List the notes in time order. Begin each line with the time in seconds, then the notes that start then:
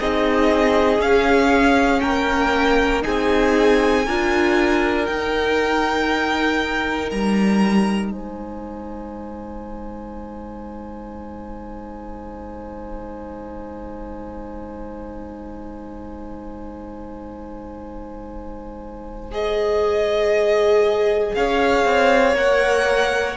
0.00 C4 D#4 G#4 D#5
0.99 C#4 F5
2.00 A#3 A#4 G5
3.02 C4 D#4 G#4 G#5
4.06 D4 F4 A#4
5.06 D#4 G5
7.11 G3 A#5
8.12 G#3 C5 G#5
19.32 G#4 D#5
21.34 C#4 C#5 F5
21.85 C4
22.34 A#3 A#4 F#5